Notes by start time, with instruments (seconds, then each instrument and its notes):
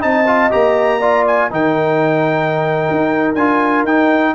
0.00 tuba C4, trombone D#4, horn D#5, trumpet A5
0.26 trombone F4
0.50 tuba A#3, trombone G4, trumpet A#5
1.00 trombone F4, horn D5
1.27 trumpet G#5
1.50 tuba D#3, trombone D#4, horn A#4, trumpet G5
2.91 tuba D#4
3.35 tuba D4, trombone F4, trumpet G#5
3.84 tuba D#4, trombone D#4, trumpet G5